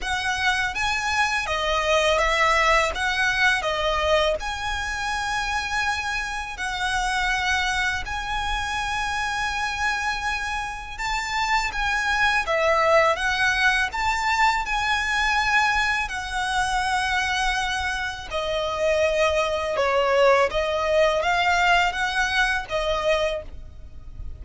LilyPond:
\new Staff \with { instrumentName = "violin" } { \time 4/4 \tempo 4 = 82 fis''4 gis''4 dis''4 e''4 | fis''4 dis''4 gis''2~ | gis''4 fis''2 gis''4~ | gis''2. a''4 |
gis''4 e''4 fis''4 a''4 | gis''2 fis''2~ | fis''4 dis''2 cis''4 | dis''4 f''4 fis''4 dis''4 | }